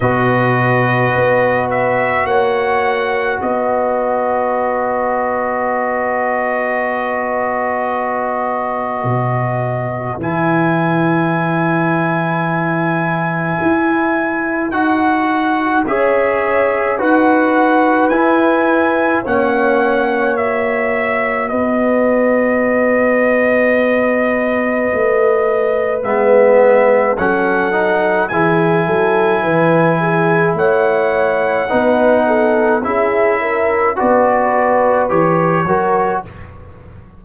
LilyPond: <<
  \new Staff \with { instrumentName = "trumpet" } { \time 4/4 \tempo 4 = 53 dis''4. e''8 fis''4 dis''4~ | dis''1~ | dis''4 gis''2.~ | gis''4 fis''4 e''4 fis''4 |
gis''4 fis''4 e''4 dis''4~ | dis''2. e''4 | fis''4 gis''2 fis''4~ | fis''4 e''4 d''4 cis''4 | }
  \new Staff \with { instrumentName = "horn" } { \time 4/4 b'2 cis''4 b'4~ | b'1~ | b'1~ | b'2 cis''4 b'4~ |
b'4 cis''2 b'4~ | b'1 | a'4 gis'8 a'8 b'8 gis'8 cis''4 | b'8 a'8 gis'8 ais'8 b'4. ais'8 | }
  \new Staff \with { instrumentName = "trombone" } { \time 4/4 fis'1~ | fis'1~ | fis'4 e'2.~ | e'4 fis'4 gis'4 fis'4 |
e'4 cis'4 fis'2~ | fis'2. b4 | cis'8 dis'8 e'2. | dis'4 e'4 fis'4 g'8 fis'8 | }
  \new Staff \with { instrumentName = "tuba" } { \time 4/4 b,4 b4 ais4 b4~ | b1 | b,4 e2. | e'4 dis'4 cis'4 dis'4 |
e'4 ais2 b4~ | b2 a4 gis4 | fis4 e8 fis8 e4 a4 | b4 cis'4 b4 e8 fis8 | }
>>